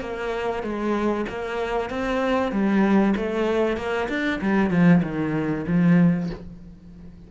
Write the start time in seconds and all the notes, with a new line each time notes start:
0.00 A#3
0.62 G#3
1.29 A#3
1.89 C4
2.51 G3
3.16 A3
3.76 A#3
4.09 D4
4.41 G3
4.70 F3
5.02 D#3
5.67 F3